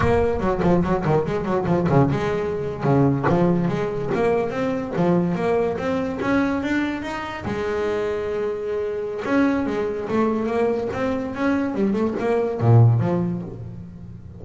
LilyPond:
\new Staff \with { instrumentName = "double bass" } { \time 4/4 \tempo 4 = 143 ais4 fis8 f8 fis8 dis8 gis8 fis8 | f8 cis8 gis4.~ gis16 cis4 f16~ | f8. gis4 ais4 c'4 f16~ | f8. ais4 c'4 cis'4 d'16~ |
d'8. dis'4 gis2~ gis16~ | gis2 cis'4 gis4 | a4 ais4 c'4 cis'4 | g8 a8 ais4 ais,4 f4 | }